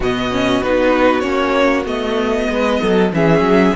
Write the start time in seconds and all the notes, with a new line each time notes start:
0.00 B2 B3 F#4 D#5
0.31 C#4
0.62 B3 D#4 B4
1.20 A#3 C#4 C#5
1.85 A3 B3 D#5
2.49 G#3 B4
2.81 F#3 A4
3.12 E3 C#4 G#4 E5
3.40 F#3